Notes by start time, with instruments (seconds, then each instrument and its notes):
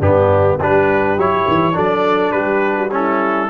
0.00 tuba G2, trombone B3, horn D4, trumpet G4
0.58 tuba G3, trombone D4, horn G4, trumpet B4
1.17 tuba F#3, trombone E4, trumpet C#5
1.48 tuba E3
1.73 tuba F#3, trombone D4, horn A4, trumpet D5
2.32 tuba G3, horn G4, trumpet B4
2.77 horn F#4
2.91 trombone C#4, horn E4, trumpet A4